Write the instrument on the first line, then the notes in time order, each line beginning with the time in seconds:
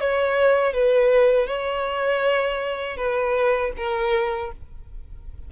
violin
0.00 C#5
0.73 B4
1.46 C#5
2.96 B4
3.76 A#4